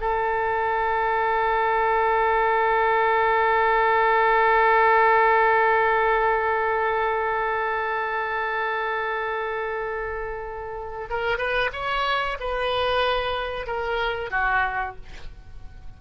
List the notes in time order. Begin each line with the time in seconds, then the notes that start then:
0.00 A4
11.10 A#4
11.38 B4
11.72 C#5
12.39 B4
13.66 A#4
14.30 F#4